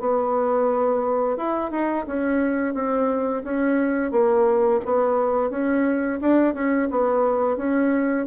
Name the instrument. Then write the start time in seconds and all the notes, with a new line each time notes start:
bassoon
0.00 B3
1.37 E4
1.71 D#4
2.07 C#4
2.75 C4
3.44 C#4
4.12 A#3
4.86 B3
5.51 C#4
6.22 D4
6.55 C#4
6.91 B3
7.58 C#4